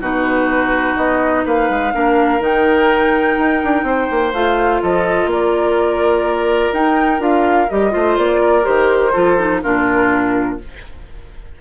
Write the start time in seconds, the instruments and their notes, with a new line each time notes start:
0.00 bassoon B2, clarinet D#4, oboe F#4, flute B4
0.96 bassoon B3, flute D#5
1.45 bassoon A#3, oboe B4, flute F5
1.69 bassoon G#3
1.94 bassoon A#3, clarinet D4, oboe A#4
2.40 bassoon D#3, clarinet D#4, flute G5
3.38 bassoon D#4
3.64 bassoon D4
3.83 bassoon C4, oboe C5
4.10 bassoon A#3
4.33 bassoon A3, clarinet F4, flute F5
4.82 bassoon F3, oboe A4, flute D#5
5.26 bassoon A#3, oboe A#4
5.32 flute D5
6.73 bassoon D#4, clarinet D#4, flute G5
7.19 bassoon D4, clarinet F4, flute F5
7.69 bassoon G3, clarinet G4, flute D#5
7.91 bassoon A3, clarinet F4, oboe C5
8.17 bassoon A#3, flute D5
8.40 oboe A#4
8.62 bassoon D#3, clarinet G4, flute C5
9.12 bassoon F3, clarinet F4, oboe A4
9.38 clarinet D#4
9.62 bassoon A#2, clarinet D4, oboe F4, flute A#4